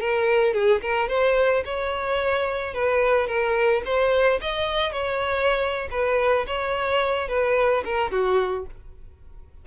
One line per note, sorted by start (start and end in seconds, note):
0.00 0.53 A#4
0.53 0.81 G#4
0.81 1.08 A#4
1.08 1.63 C5
1.65 2.74 C#5
2.74 3.27 B4
3.27 3.82 A#4
3.85 4.40 C5
4.41 4.92 D#5
4.92 5.88 C#5
5.91 6.46 B4
6.47 7.28 C#5
7.28 7.83 B4
7.85 8.11 A#4
8.11 8.66 F#4